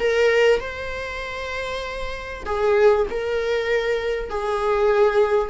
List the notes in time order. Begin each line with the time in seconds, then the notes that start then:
0.00 A#4
0.61 C5
2.46 G#4
3.11 A#4
4.30 G#4